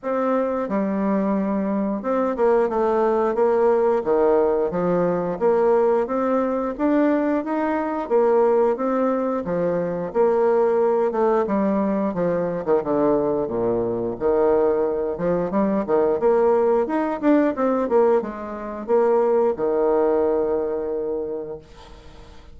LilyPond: \new Staff \with { instrumentName = "bassoon" } { \time 4/4 \tempo 4 = 89 c'4 g2 c'8 ais8 | a4 ais4 dis4 f4 | ais4 c'4 d'4 dis'4 | ais4 c'4 f4 ais4~ |
ais8 a8 g4 f8. dis16 d4 | ais,4 dis4. f8 g8 dis8 | ais4 dis'8 d'8 c'8 ais8 gis4 | ais4 dis2. | }